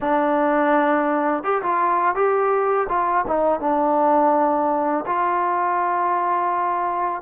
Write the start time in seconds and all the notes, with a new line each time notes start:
0.00 D4
1.43 G4
1.62 F4
2.15 G4
2.88 F4
3.27 D#4
3.59 D4
5.06 F4